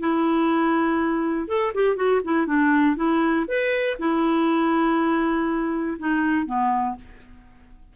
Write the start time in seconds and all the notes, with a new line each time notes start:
0.00 E4
1.48 A4
1.74 G4
1.96 F#4
2.24 E4
2.47 D4
2.96 E4
3.48 B4
3.99 E4
5.98 D#4
6.46 B3